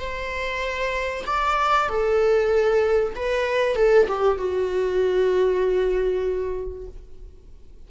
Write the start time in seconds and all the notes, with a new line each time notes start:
0.00 C5
1.26 D5
1.89 A4
3.16 B4
3.76 A4
4.08 G4
4.38 F#4